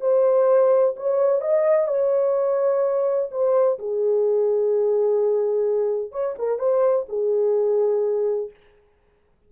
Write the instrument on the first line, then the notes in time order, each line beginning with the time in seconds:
horn
0.00 C5
0.96 C#5
1.41 D#5
1.87 C#5
3.31 C5
3.78 G#4
6.11 C#5
6.38 A#4
6.58 C5
7.08 G#4